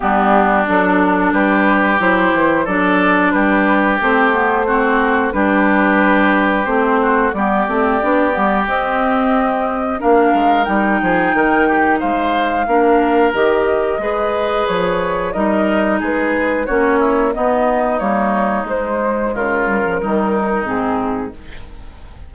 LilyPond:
<<
  \new Staff \with { instrumentName = "flute" } { \time 4/4 \tempo 4 = 90 g'4 a'4 b'4 c''4 | d''4 b'4 c''2 | b'2 c''4 d''4~ | d''4 dis''2 f''4 |
g''2 f''2 | dis''2 cis''4 dis''4 | b'4 cis''4 dis''4 cis''4 | c''4 ais'2 gis'4 | }
  \new Staff \with { instrumentName = "oboe" } { \time 4/4 d'2 g'2 | a'4 g'2 fis'4 | g'2~ g'8 fis'8 g'4~ | g'2. ais'4~ |
ais'8 gis'8 ais'8 g'8 c''4 ais'4~ | ais'4 b'2 ais'4 | gis'4 fis'8 e'8 dis'2~ | dis'4 f'4 dis'2 | }
  \new Staff \with { instrumentName = "clarinet" } { \time 4/4 b4 d'2 e'4 | d'2 c'8 b8 c'4 | d'2 c'4 b8 c'8 | d'8 b8 c'2 d'4 |
dis'2. d'4 | g'4 gis'2 dis'4~ | dis'4 cis'4 b4 ais4 | gis4. g16 f16 g4 c'4 | }
  \new Staff \with { instrumentName = "bassoon" } { \time 4/4 g4 fis4 g4 fis8 e8 | fis4 g4 a2 | g2 a4 g8 a8 | b8 g8 c'2 ais8 gis8 |
g8 f8 dis4 gis4 ais4 | dis4 gis4 f4 g4 | gis4 ais4 b4 g4 | gis4 cis4 dis4 gis,4 | }
>>